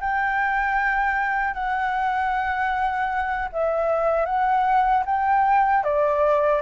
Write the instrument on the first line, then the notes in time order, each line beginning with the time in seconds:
flute
0.00 G5
1.54 F#5
3.52 E5
4.25 F#5
5.05 G5
5.83 D5